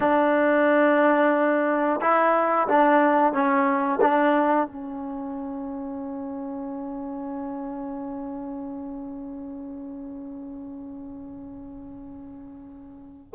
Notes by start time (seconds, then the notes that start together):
0.00 D4
2.01 E4
2.68 D4
3.32 C#4
4.01 D4
4.66 C#4